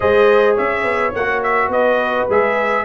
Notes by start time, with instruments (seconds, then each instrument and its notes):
0.00 tuba G#3, trombone G#4, horn C5, trumpet D#5
0.55 tuba C#4, horn C#5, trumpet E5
0.83 tuba B3
1.14 tuba A#3, trombone F#4, trumpet F#5
1.42 trumpet E5
1.68 tuba B3, horn B4, trumpet D#5
2.29 tuba G#3, trombone G#4, trumpet E5